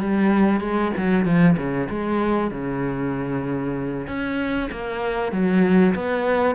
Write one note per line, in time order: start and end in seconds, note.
0.00 0.61 G3
0.61 0.92 G#3
0.97 1.26 F#3
1.26 1.57 F3
1.57 1.89 C#3
1.90 2.51 G#3
2.51 4.07 C#3
4.07 4.70 C#4
4.72 5.32 A#3
5.32 5.95 F#3
5.95 6.55 B3